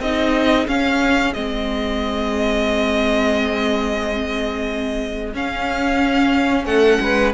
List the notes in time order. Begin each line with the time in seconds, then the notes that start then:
0.00 C4 D#4 G#4 D#5
0.67 C#4 F5
1.34 G#3 C4 D#5
5.34 C#4 F5
6.65 A3 A4 F#5
7.01 G#3 B4